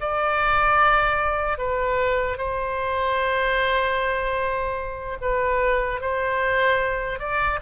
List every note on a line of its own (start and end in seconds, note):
0.00 1.57 D5
1.57 2.37 B4
2.37 5.17 C5
5.21 6.00 B4
6.00 7.19 C5
7.19 7.59 D5